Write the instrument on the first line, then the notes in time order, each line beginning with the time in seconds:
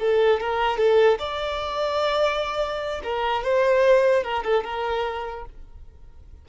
violin
0.00 A4
0.41 A#4
0.78 A4
1.19 D5
3.04 A#4
3.44 C5
4.24 A#4
4.44 A4
4.64 A#4